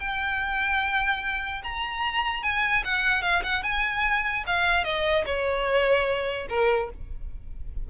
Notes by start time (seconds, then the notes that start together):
0.00 G5
1.64 A#5
2.43 G#5
2.85 F#5
3.22 F5
3.43 F#5
3.63 G#5
4.47 F5
4.84 D#5
5.26 C#5
6.49 A#4